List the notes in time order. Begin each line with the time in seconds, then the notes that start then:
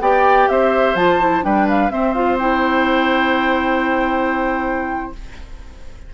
0.00 B3 G4 D5 G5
0.48 C4 C5 E5
0.95 F3 F4 A5
1.20 E4
1.42 G3 D4 B4 G5
1.68 F5
1.90 C4 C5 E5
2.13 F4 F5
2.38 E4 G5